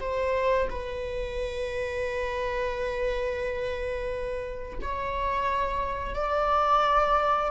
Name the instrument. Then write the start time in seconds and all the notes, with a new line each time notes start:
viola
0.00 C5
0.70 B4
4.81 C#5
6.15 D5